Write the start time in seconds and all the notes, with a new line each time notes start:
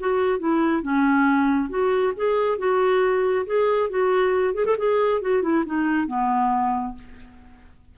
0.00 F#4
0.39 E4
0.82 C#4
1.70 F#4
2.17 G#4
2.58 F#4
3.47 G#4
3.90 F#4
4.54 G#4
4.66 A4
4.78 G#4
5.22 F#4
5.42 E4
5.66 D#4
6.07 B3